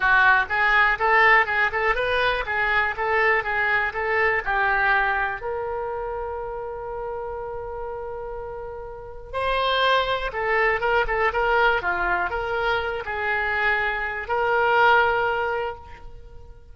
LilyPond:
\new Staff \with { instrumentName = "oboe" } { \time 4/4 \tempo 4 = 122 fis'4 gis'4 a'4 gis'8 a'8 | b'4 gis'4 a'4 gis'4 | a'4 g'2 ais'4~ | ais'1~ |
ais'2. c''4~ | c''4 a'4 ais'8 a'8 ais'4 | f'4 ais'4. gis'4.~ | gis'4 ais'2. | }